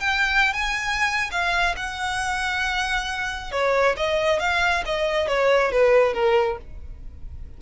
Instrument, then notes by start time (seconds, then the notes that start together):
violin
0.00 G5
0.53 G#5
1.31 F5
1.76 F#5
3.52 C#5
3.97 D#5
4.40 F5
4.86 D#5
5.27 C#5
5.72 B4
6.14 A#4